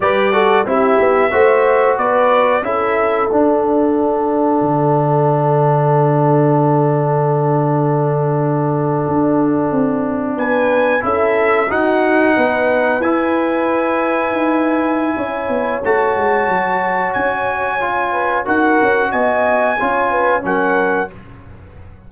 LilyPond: <<
  \new Staff \with { instrumentName = "trumpet" } { \time 4/4 \tempo 4 = 91 d''4 e''2 d''4 | e''4 fis''2.~ | fis''1~ | fis''2.~ fis''8. gis''16~ |
gis''8. e''4 fis''2 gis''16~ | gis''1 | a''2 gis''2 | fis''4 gis''2 fis''4 | }
  \new Staff \with { instrumentName = "horn" } { \time 4/4 b'8 a'8 g'4 c''4 b'4 | a'1~ | a'1~ | a'2.~ a'8. b'16~ |
b'8. a'4 fis'4 b'4~ b'16~ | b'2. cis''4~ | cis''2.~ cis''8 b'8 | ais'4 dis''4 cis''8 b'8 ais'4 | }
  \new Staff \with { instrumentName = "trombone" } { \time 4/4 g'8 fis'8 e'4 fis'2 | e'4 d'2.~ | d'1~ | d'1~ |
d'8. e'4 dis'2 e'16~ | e'1 | fis'2. f'4 | fis'2 f'4 cis'4 | }
  \new Staff \with { instrumentName = "tuba" } { \time 4/4 g4 c'8 b8 a4 b4 | cis'4 d'2 d4~ | d1~ | d4.~ d16 d'4 c'4 b16~ |
b8. cis'4 dis'4 b4 e'16~ | e'4.~ e'16 dis'4~ dis'16 cis'8 b8 | a8 gis8 fis4 cis'2 | dis'8 cis'8 b4 cis'4 fis4 | }
>>